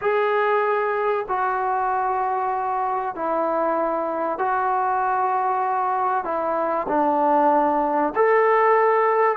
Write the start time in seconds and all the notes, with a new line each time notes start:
0.01 G#4
1.28 F#4
3.15 E4
4.38 F#4
6.24 E4
6.88 D4
8.15 A4